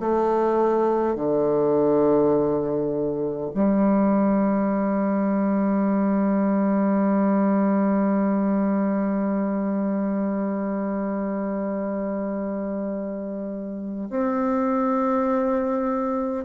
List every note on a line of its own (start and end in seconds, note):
0.00 1.16 A3
1.16 3.51 D3
3.55 14.10 G3
14.10 16.45 C4